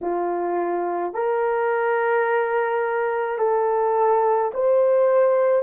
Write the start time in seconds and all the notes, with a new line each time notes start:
0.01 F4
1.13 A#4
3.38 A4
4.53 C5